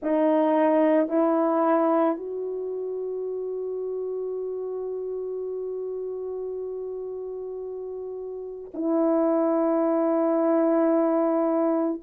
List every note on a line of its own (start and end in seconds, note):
0.02 1.08 D#4
1.08 2.16 E4
2.16 8.70 F#4
8.73 12.00 E4